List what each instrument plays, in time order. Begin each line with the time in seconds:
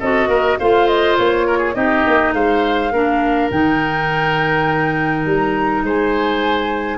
0.00 tuba C4, clarinet F#4, oboe A4, flute D#5
0.29 tuba A#3, oboe A#4
0.59 tuba A3, clarinet F4, oboe C5, flute F5
0.88 flute D#5
1.17 tuba A#3, flute C#5
1.47 oboe A#4
1.59 oboe G#4
1.75 tuba C4, clarinet D#4, oboe G4, flute D#5
2.07 tuba A#3
2.33 tuba G#3, oboe C5, flute F5
2.92 tuba A#3, clarinet D4, oboe A#4
3.51 tuba D#3, clarinet D#4, flute G5
5.26 tuba G3, flute A#5
5.84 tuba G#3, oboe C5, flute G#5